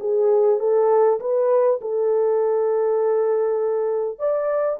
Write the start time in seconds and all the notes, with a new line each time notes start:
0.00 G#4
0.59 A4
1.20 B4
1.81 A4
4.19 D5